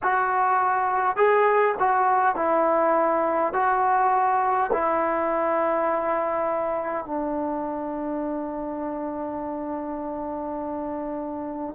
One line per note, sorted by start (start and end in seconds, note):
0.03 1.16 F#4
1.16 1.75 G#4
1.79 2.35 F#4
2.35 3.53 E4
3.53 4.71 F#4
4.73 7.05 E4
7.05 11.75 D4